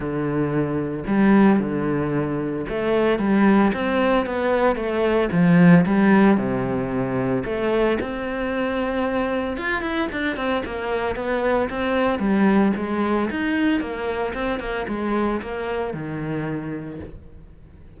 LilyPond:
\new Staff \with { instrumentName = "cello" } { \time 4/4 \tempo 4 = 113 d2 g4 d4~ | d4 a4 g4 c'4 | b4 a4 f4 g4 | c2 a4 c'4~ |
c'2 f'8 e'8 d'8 c'8 | ais4 b4 c'4 g4 | gis4 dis'4 ais4 c'8 ais8 | gis4 ais4 dis2 | }